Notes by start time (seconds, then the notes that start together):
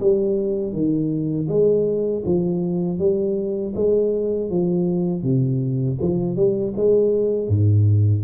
0.00 G3
0.72 D#3
1.48 G#3
2.25 F3
2.98 G3
3.75 G#3
4.49 F3
5.23 C3
6.01 F3
6.35 G3
6.76 G#3
7.48 G#2